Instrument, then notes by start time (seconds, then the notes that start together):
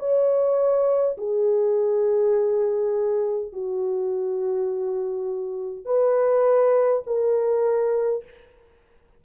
horn
0.00 C#5
1.18 G#4
3.53 F#4
5.86 B4
7.07 A#4